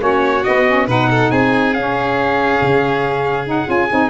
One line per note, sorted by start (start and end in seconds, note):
0.00 0.44 A#3
0.00 0.43 C#4
0.00 0.88 F#4
0.00 0.44 C#5
0.44 0.67 B3
0.44 0.88 B3
0.44 0.87 D#5
0.68 0.88 C#4
0.88 1.31 B2
0.88 1.74 D#4
0.88 1.09 B4
0.88 1.31 F#5
1.10 1.32 A4
1.31 1.74 C4
1.31 4.10 G#4
1.31 1.74 G#5
1.74 2.60 C#4
1.74 3.46 C#4
1.74 3.47 F5
2.61 3.68 C#3
3.46 3.66 D#4
3.46 3.70 F#5
3.66 3.90 C#4
3.66 3.88 F4
3.66 4.10 G#5
3.90 4.10 C4
3.90 4.10 D#4